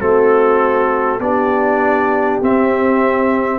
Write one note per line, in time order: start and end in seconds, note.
0.00 1.20 A3
0.00 1.20 C4
0.00 1.20 F#4
0.00 1.21 A4
1.20 2.40 B3
1.20 2.42 D4
1.20 3.60 G4
1.20 2.41 D5
2.42 3.60 C4
2.42 3.60 E5